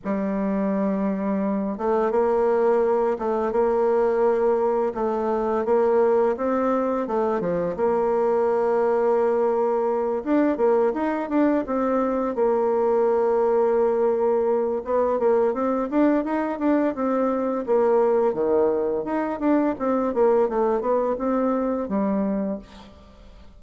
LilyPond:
\new Staff \with { instrumentName = "bassoon" } { \time 4/4 \tempo 4 = 85 g2~ g8 a8 ais4~ | ais8 a8 ais2 a4 | ais4 c'4 a8 f8 ais4~ | ais2~ ais8 d'8 ais8 dis'8 |
d'8 c'4 ais2~ ais8~ | ais4 b8 ais8 c'8 d'8 dis'8 d'8 | c'4 ais4 dis4 dis'8 d'8 | c'8 ais8 a8 b8 c'4 g4 | }